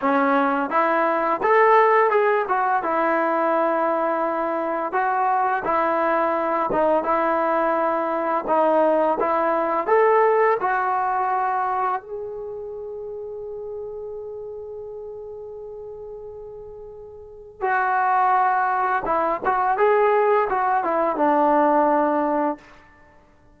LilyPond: \new Staff \with { instrumentName = "trombone" } { \time 4/4 \tempo 4 = 85 cis'4 e'4 a'4 gis'8 fis'8 | e'2. fis'4 | e'4. dis'8 e'2 | dis'4 e'4 a'4 fis'4~ |
fis'4 gis'2.~ | gis'1~ | gis'4 fis'2 e'8 fis'8 | gis'4 fis'8 e'8 d'2 | }